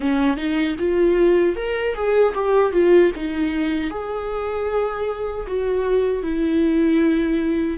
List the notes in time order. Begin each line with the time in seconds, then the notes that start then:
0.00 C#4
0.36 D#4
0.78 F4
1.56 A#4
1.94 G#4
2.34 G4
2.72 F4
3.15 D#4
3.90 G#4
5.47 F#4
6.22 E4